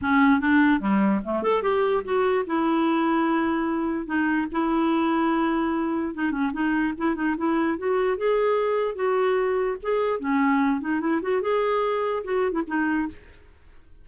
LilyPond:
\new Staff \with { instrumentName = "clarinet" } { \time 4/4 \tempo 4 = 147 cis'4 d'4 g4 a8 a'8 | g'4 fis'4 e'2~ | e'2 dis'4 e'4~ | e'2. dis'8 cis'8 |
dis'4 e'8 dis'8 e'4 fis'4 | gis'2 fis'2 | gis'4 cis'4. dis'8 e'8 fis'8 | gis'2 fis'8. e'16 dis'4 | }